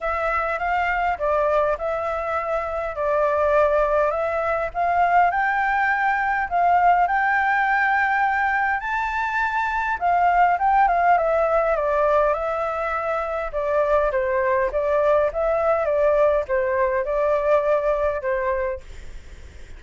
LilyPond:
\new Staff \with { instrumentName = "flute" } { \time 4/4 \tempo 4 = 102 e''4 f''4 d''4 e''4~ | e''4 d''2 e''4 | f''4 g''2 f''4 | g''2. a''4~ |
a''4 f''4 g''8 f''8 e''4 | d''4 e''2 d''4 | c''4 d''4 e''4 d''4 | c''4 d''2 c''4 | }